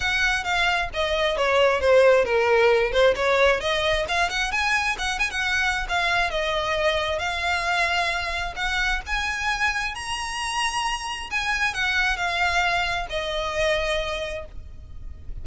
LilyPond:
\new Staff \with { instrumentName = "violin" } { \time 4/4 \tempo 4 = 133 fis''4 f''4 dis''4 cis''4 | c''4 ais'4. c''8 cis''4 | dis''4 f''8 fis''8 gis''4 fis''8 gis''16 fis''16~ | fis''4 f''4 dis''2 |
f''2. fis''4 | gis''2 ais''2~ | ais''4 gis''4 fis''4 f''4~ | f''4 dis''2. | }